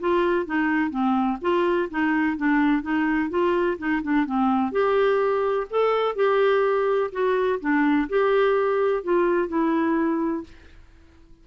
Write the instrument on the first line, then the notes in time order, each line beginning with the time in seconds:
clarinet
0.00 F4
0.46 D#4
0.90 C4
1.41 F4
1.90 D#4
2.37 D4
2.82 D#4
3.30 F4
3.78 D#4
4.02 D4
4.26 C4
4.72 G4
5.70 A4
6.15 G4
7.12 F#4
7.60 D4
8.09 G4
9.03 F4
9.48 E4